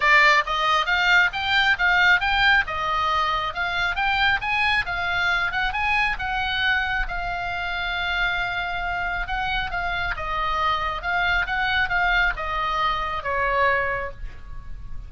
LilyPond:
\new Staff \with { instrumentName = "oboe" } { \time 4/4 \tempo 4 = 136 d''4 dis''4 f''4 g''4 | f''4 g''4 dis''2 | f''4 g''4 gis''4 f''4~ | f''8 fis''8 gis''4 fis''2 |
f''1~ | f''4 fis''4 f''4 dis''4~ | dis''4 f''4 fis''4 f''4 | dis''2 cis''2 | }